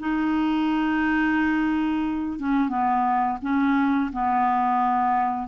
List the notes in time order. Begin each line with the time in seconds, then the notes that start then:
0.00 D#4
2.39 C#4
2.69 B3
3.42 C#4
4.13 B3